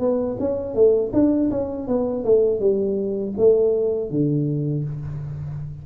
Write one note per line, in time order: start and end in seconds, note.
0.00 0.37 B3
0.40 0.75 C#4
0.75 1.12 A3
1.13 1.51 D4
1.51 1.88 C#4
1.88 2.25 B3
2.25 2.60 A3
2.60 3.34 G3
3.38 4.10 A3
4.10 4.85 D3